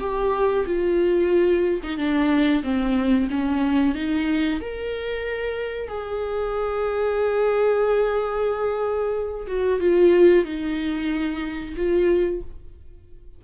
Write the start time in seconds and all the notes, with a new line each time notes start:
0.00 G4
0.66 F4
1.83 D#4
1.97 D4
2.63 C4
3.30 C#4
3.95 D#4
4.60 A#4
5.88 G#4
9.47 F#4
9.80 F4
10.45 D#4
11.76 F4